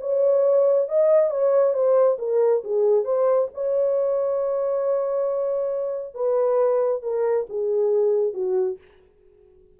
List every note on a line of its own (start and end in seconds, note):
0.00 0.88 C#5
0.88 1.30 D#5
1.30 1.73 C#5
1.73 2.17 C5
2.18 2.62 A#4
2.64 3.04 G#4
3.04 3.48 C5
3.54 6.14 C#5
6.14 7.02 B4
7.02 7.46 A#4
7.49 8.33 G#4
8.33 8.78 F#4